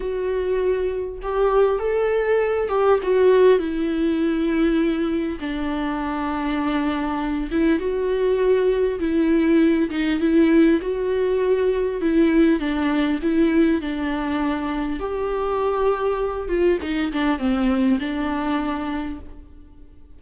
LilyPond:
\new Staff \with { instrumentName = "viola" } { \time 4/4 \tempo 4 = 100 fis'2 g'4 a'4~ | a'8 g'8 fis'4 e'2~ | e'4 d'2.~ | d'8 e'8 fis'2 e'4~ |
e'8 dis'8 e'4 fis'2 | e'4 d'4 e'4 d'4~ | d'4 g'2~ g'8 f'8 | dis'8 d'8 c'4 d'2 | }